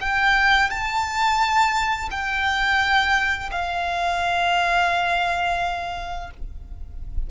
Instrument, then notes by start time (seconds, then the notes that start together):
violin
0.00 G5
0.69 A5
2.10 G5
3.51 F5